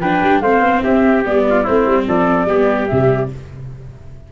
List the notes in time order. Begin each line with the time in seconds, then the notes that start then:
0.00 F3 D4 B4 G5
0.22 G3
0.40 A3 C4 C5 F5
0.60 B3
0.82 C4 G4 E5
1.25 G3 B3 D5
1.50 F4
1.63 A3 C4 E4 C5
1.86 G3
2.08 F3 A4 D5
2.45 G3 B3 G4
2.87 C3 G3 E5